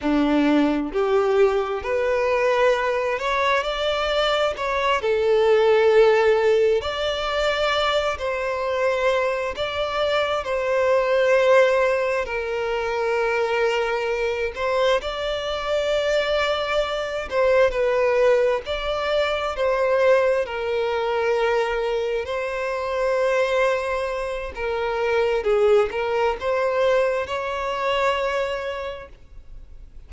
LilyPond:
\new Staff \with { instrumentName = "violin" } { \time 4/4 \tempo 4 = 66 d'4 g'4 b'4. cis''8 | d''4 cis''8 a'2 d''8~ | d''4 c''4. d''4 c''8~ | c''4. ais'2~ ais'8 |
c''8 d''2~ d''8 c''8 b'8~ | b'8 d''4 c''4 ais'4.~ | ais'8 c''2~ c''8 ais'4 | gis'8 ais'8 c''4 cis''2 | }